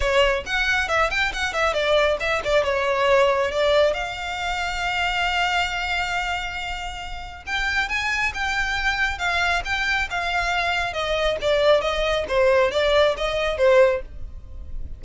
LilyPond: \new Staff \with { instrumentName = "violin" } { \time 4/4 \tempo 4 = 137 cis''4 fis''4 e''8 g''8 fis''8 e''8 | d''4 e''8 d''8 cis''2 | d''4 f''2.~ | f''1~ |
f''4 g''4 gis''4 g''4~ | g''4 f''4 g''4 f''4~ | f''4 dis''4 d''4 dis''4 | c''4 d''4 dis''4 c''4 | }